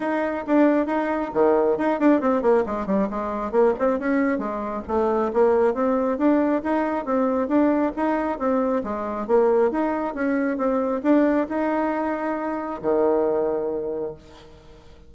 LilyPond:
\new Staff \with { instrumentName = "bassoon" } { \time 4/4 \tempo 4 = 136 dis'4 d'4 dis'4 dis4 | dis'8 d'8 c'8 ais8 gis8 g8 gis4 | ais8 c'8 cis'4 gis4 a4 | ais4 c'4 d'4 dis'4 |
c'4 d'4 dis'4 c'4 | gis4 ais4 dis'4 cis'4 | c'4 d'4 dis'2~ | dis'4 dis2. | }